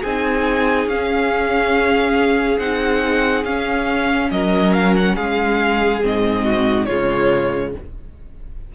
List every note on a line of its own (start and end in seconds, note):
0.00 0.86 C4
0.00 4.29 G#4
0.00 0.89 G#5
0.06 0.92 D#4
0.86 2.58 C#4
0.86 2.61 C#4
0.86 2.59 F5
2.59 3.44 C4
2.59 3.46 D#4
2.59 3.45 F#5
3.44 4.30 C#4
3.44 6.02 C#4
3.44 4.31 F5
4.31 5.17 F#3
4.31 5.16 A#4
4.31 4.73 D#5
4.73 4.95 F5
4.97 5.16 F#5
5.16 6.04 G#3
5.16 6.44 G#4
5.16 6.02 F5
6.02 6.89 G#2
6.02 6.87 C4
6.02 6.86 D#5
6.44 6.87 F#4
6.86 7.75 C#3
6.86 7.74 G#3
6.86 7.74 F4
6.86 7.72 C#5